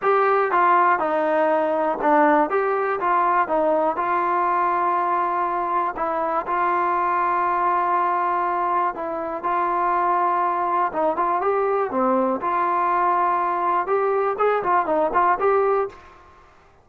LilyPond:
\new Staff \with { instrumentName = "trombone" } { \time 4/4 \tempo 4 = 121 g'4 f'4 dis'2 | d'4 g'4 f'4 dis'4 | f'1 | e'4 f'2.~ |
f'2 e'4 f'4~ | f'2 dis'8 f'8 g'4 | c'4 f'2. | g'4 gis'8 f'8 dis'8 f'8 g'4 | }